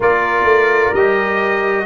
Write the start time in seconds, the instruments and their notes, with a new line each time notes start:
0.00 tuba A#3, trombone F4, horn A#4, trumpet D5
0.44 tuba A3
0.93 tuba G3, trombone G4, trumpet D#5